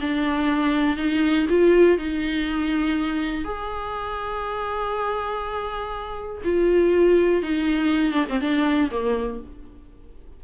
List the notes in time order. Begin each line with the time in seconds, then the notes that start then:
0.00 D4
0.96 D#4
1.49 F4
1.98 D#4
3.44 G#4
6.44 F4
7.42 D#4
8.12 D4
8.29 C4
8.40 D4
8.91 A#3